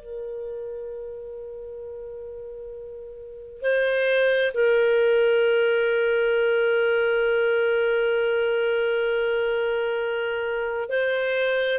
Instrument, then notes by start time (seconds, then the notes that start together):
clarinet
0.00 A#4
3.61 C5
4.54 A#4
10.89 C5